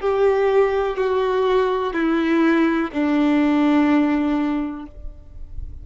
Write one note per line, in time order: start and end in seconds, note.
0.00 0.97 G4
0.97 1.93 F#4
1.93 2.90 E4
2.93 4.86 D4